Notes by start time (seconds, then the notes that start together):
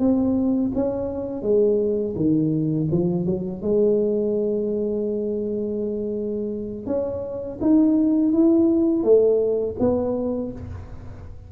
0.00 C4
0.75 C#4
1.43 G#3
2.17 D#3
2.92 F3
3.26 F#3
3.62 G#3
6.87 C#4
7.62 D#4
8.33 E4
9.04 A3
9.80 B3